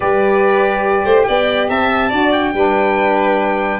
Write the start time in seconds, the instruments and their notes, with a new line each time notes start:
0.00 tuba G3, saxophone G4, violin B4, trumpet D5
1.04 tuba A3, violin C5
1.23 tuba B3, violin D5, trumpet G5
1.69 tuba C4, violin E5, trumpet A5
2.09 tuba D4, saxophone F#4, violin D5
2.32 trumpet G5
2.53 tuba G3, saxophone D4, violin B4